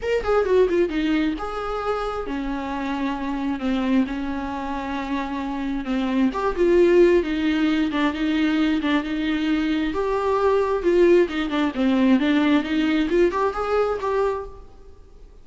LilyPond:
\new Staff \with { instrumentName = "viola" } { \time 4/4 \tempo 4 = 133 ais'8 gis'8 fis'8 f'8 dis'4 gis'4~ | gis'4 cis'2. | c'4 cis'2.~ | cis'4 c'4 g'8 f'4. |
dis'4. d'8 dis'4. d'8 | dis'2 g'2 | f'4 dis'8 d'8 c'4 d'4 | dis'4 f'8 g'8 gis'4 g'4 | }